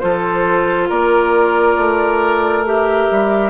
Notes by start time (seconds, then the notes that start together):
0.00 F3 F4 A4 C5
0.89 A#3 A#4 D5
1.77 A3
2.66 G4 E5
3.11 G3